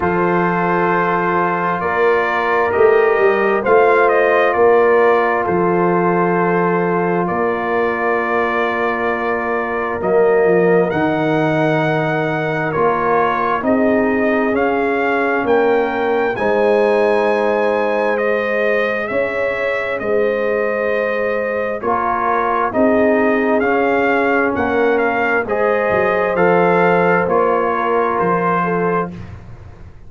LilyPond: <<
  \new Staff \with { instrumentName = "trumpet" } { \time 4/4 \tempo 4 = 66 c''2 d''4 dis''4 | f''8 dis''8 d''4 c''2 | d''2. dis''4 | fis''2 cis''4 dis''4 |
f''4 g''4 gis''2 | dis''4 e''4 dis''2 | cis''4 dis''4 f''4 fis''8 f''8 | dis''4 f''4 cis''4 c''4 | }
  \new Staff \with { instrumentName = "horn" } { \time 4/4 a'2 ais'2 | c''4 ais'4 a'2 | ais'1~ | ais'2. gis'4~ |
gis'4 ais'4 c''2~ | c''4 cis''4 c''2 | ais'4 gis'2 ais'4 | c''2~ c''8 ais'4 a'8 | }
  \new Staff \with { instrumentName = "trombone" } { \time 4/4 f'2. g'4 | f'1~ | f'2. ais4 | dis'2 f'4 dis'4 |
cis'2 dis'2 | gis'1 | f'4 dis'4 cis'2 | gis'4 a'4 f'2 | }
  \new Staff \with { instrumentName = "tuba" } { \time 4/4 f2 ais4 a8 g8 | a4 ais4 f2 | ais2. fis8 f8 | dis2 ais4 c'4 |
cis'4 ais4 gis2~ | gis4 cis'4 gis2 | ais4 c'4 cis'4 ais4 | gis8 fis8 f4 ais4 f4 | }
>>